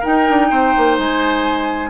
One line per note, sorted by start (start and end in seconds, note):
0.00 1.89 D#4
0.00 0.29 D#4
0.00 0.47 A#4
0.00 0.97 G5
0.29 0.51 D4
0.50 0.74 C4
0.50 1.89 C5
0.77 0.98 A#3
0.98 1.89 G#3
0.98 1.89 G#5